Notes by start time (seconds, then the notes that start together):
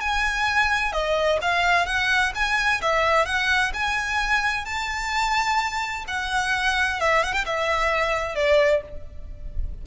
0.00 G#5
0.92 D#5
1.41 F5
1.86 F#5
2.34 G#5
2.82 E5
3.25 F#5
3.73 G#5
4.65 A5
6.07 F#5
7.00 E5
7.23 F#5
7.33 G5
7.45 E5
8.35 D5